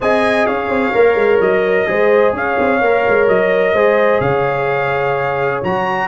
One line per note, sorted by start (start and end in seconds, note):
0.00 0.47 C4
0.00 0.93 G#4
0.00 0.47 D#5
0.00 0.46 G#5
0.46 0.69 C#4
0.46 1.87 C#5
0.46 1.40 F5
0.69 0.92 C4
0.93 1.14 A#3
0.93 1.87 A#4
1.14 1.38 G#3
1.40 1.86 F#3
1.40 2.34 D#5
1.87 2.32 G#3
1.87 2.80 G#4
1.87 2.34 C5
2.32 2.56 C#4
2.32 3.73 C#5
2.32 3.28 F5
2.59 2.80 C4
2.80 3.04 A#3
2.80 3.76 A#4
3.08 3.28 G#3
3.28 3.73 F#3
3.28 4.20 D#5
3.73 4.20 G#3
3.73 5.63 G#4
3.73 4.20 C5
4.20 5.61 C#3
4.20 6.08 C#5
4.20 5.61 F5
5.63 6.08 F#3
5.63 6.08 F#4
5.63 6.08 A#5